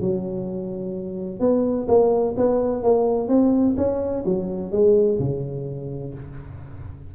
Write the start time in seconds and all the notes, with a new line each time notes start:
0.00 F#3
1.39 B3
1.88 A#3
2.37 B3
2.83 A#3
3.28 C4
3.77 C#4
4.25 F#3
4.71 G#3
5.19 C#3